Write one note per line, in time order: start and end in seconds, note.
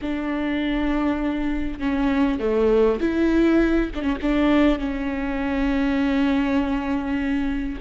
0.01 1.79 D4
1.79 2.39 C#4
2.39 2.99 A3
3.00 3.90 E4
3.94 4.01 D4
4.01 4.16 C#4
4.22 4.78 D4
4.78 7.78 C#4